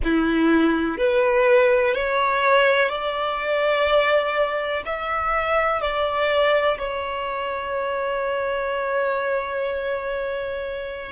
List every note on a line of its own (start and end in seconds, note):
0.04 0.97 E4
0.97 1.94 B4
1.94 2.89 C#5
2.89 4.82 D5
4.85 5.81 E5
5.81 6.77 D5
6.78 11.12 C#5